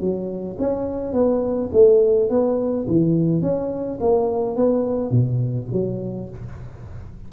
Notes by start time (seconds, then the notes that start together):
0.00 F#3
0.59 C#4
1.13 B3
1.73 A3
2.30 B3
2.88 E3
3.42 C#4
4.01 A#3
4.56 B3
5.11 B2
5.72 F#3